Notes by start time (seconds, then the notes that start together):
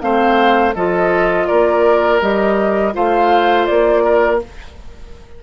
0.00 A3 C4 C5 F5
0.75 F3 F4 A4 D#5
1.47 A#3 A#4 D5
2.21 G3 G4 D#5
2.93 A3 F4 C5 F5
3.66 A#3 D5
4.04 A#4